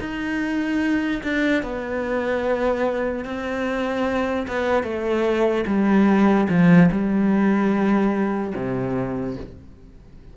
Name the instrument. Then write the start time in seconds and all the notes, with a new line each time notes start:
cello
0.00 D#4
1.23 D4
1.63 B3
3.25 C4
4.47 B3
4.83 A3
5.66 G3
6.49 F3
6.91 G3
8.55 C3